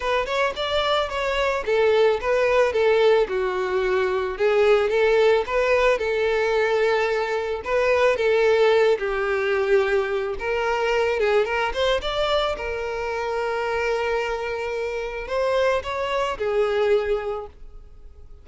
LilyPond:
\new Staff \with { instrumentName = "violin" } { \time 4/4 \tempo 4 = 110 b'8 cis''8 d''4 cis''4 a'4 | b'4 a'4 fis'2 | gis'4 a'4 b'4 a'4~ | a'2 b'4 a'4~ |
a'8 g'2~ g'8 ais'4~ | ais'8 gis'8 ais'8 c''8 d''4 ais'4~ | ais'1 | c''4 cis''4 gis'2 | }